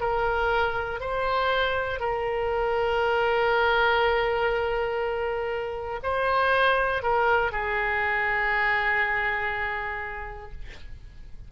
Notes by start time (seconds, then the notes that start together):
0.00 A#4
1.00 C5
2.00 A#4
6.03 C5
7.02 A#4
7.52 G#4